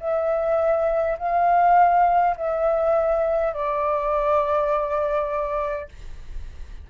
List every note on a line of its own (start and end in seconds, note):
0.00 1.18 E5
1.18 2.36 F5
2.37 3.53 E5
3.53 5.89 D5